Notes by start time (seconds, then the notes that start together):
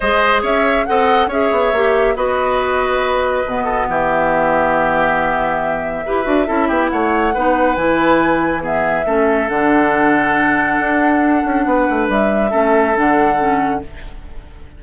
0.00 G#3 G#4 C5 D#5
0.42 C#4 C#5 E5
0.85 C4 A4 D#5 F#5
1.27 C#4 G#4 C#5 E5
1.51 B3
1.72 A#3 G4
2.15 B3 F#4 B4 D#5
3.46 B2 B3
3.64 A4
3.88 E3 G4 E5
6.05 E4 G4 B4
6.24 D4 F#4
6.46 C#4 E4 A4
6.68 B3 G4
6.89 A3 C#5 F#5
7.34 B3 D#4 B4
7.75 E3 E4 G#5
8.60 B3 G#4 E5
9.05 A3 C#4 A4
9.48 D3 D4 F#5
10.79 D4
11.44 C#4
11.65 B3 B4
11.89 A3
12.08 G3 E5
12.50 A3 C#4 A4
12.94 D3 D4 F#5
13.37 C#4